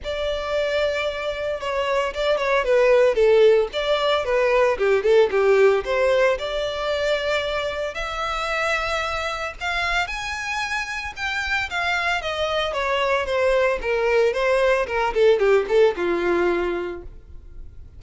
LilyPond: \new Staff \with { instrumentName = "violin" } { \time 4/4 \tempo 4 = 113 d''2. cis''4 | d''8 cis''8 b'4 a'4 d''4 | b'4 g'8 a'8 g'4 c''4 | d''2. e''4~ |
e''2 f''4 gis''4~ | gis''4 g''4 f''4 dis''4 | cis''4 c''4 ais'4 c''4 | ais'8 a'8 g'8 a'8 f'2 | }